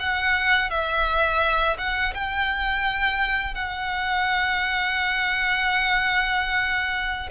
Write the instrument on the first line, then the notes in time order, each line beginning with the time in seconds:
violin
0.00 F#5
0.70 E5
1.78 F#5
2.14 G5
3.55 F#5